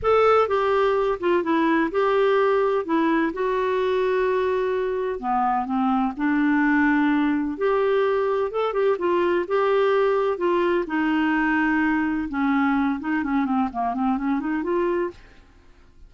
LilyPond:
\new Staff \with { instrumentName = "clarinet" } { \time 4/4 \tempo 4 = 127 a'4 g'4. f'8 e'4 | g'2 e'4 fis'4~ | fis'2. b4 | c'4 d'2. |
g'2 a'8 g'8 f'4 | g'2 f'4 dis'4~ | dis'2 cis'4. dis'8 | cis'8 c'8 ais8 c'8 cis'8 dis'8 f'4 | }